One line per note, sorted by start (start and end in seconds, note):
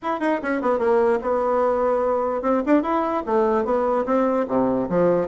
0.02 0.20 E4
0.20 0.40 D#4
0.42 0.61 C#4
0.61 0.78 B3
0.78 1.19 A#3
1.21 2.42 B3
2.42 2.62 C4
2.66 2.82 D4
2.82 3.23 E4
3.26 3.64 A3
3.64 4.05 B3
4.05 4.46 C4
4.48 4.88 C3
4.89 5.27 F3